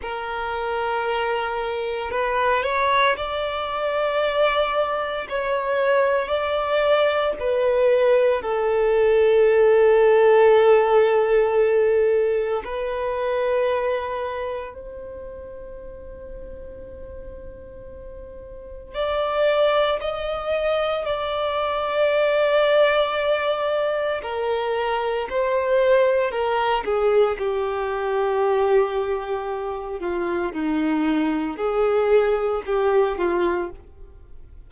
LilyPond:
\new Staff \with { instrumentName = "violin" } { \time 4/4 \tempo 4 = 57 ais'2 b'8 cis''8 d''4~ | d''4 cis''4 d''4 b'4 | a'1 | b'2 c''2~ |
c''2 d''4 dis''4 | d''2. ais'4 | c''4 ais'8 gis'8 g'2~ | g'8 f'8 dis'4 gis'4 g'8 f'8 | }